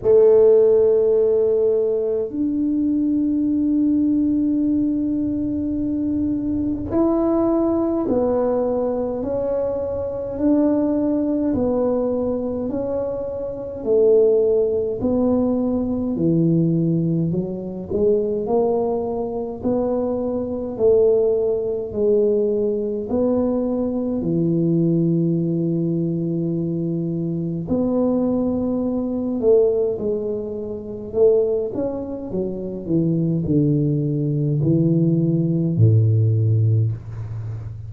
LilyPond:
\new Staff \with { instrumentName = "tuba" } { \time 4/4 \tempo 4 = 52 a2 d'2~ | d'2 e'4 b4 | cis'4 d'4 b4 cis'4 | a4 b4 e4 fis8 gis8 |
ais4 b4 a4 gis4 | b4 e2. | b4. a8 gis4 a8 cis'8 | fis8 e8 d4 e4 a,4 | }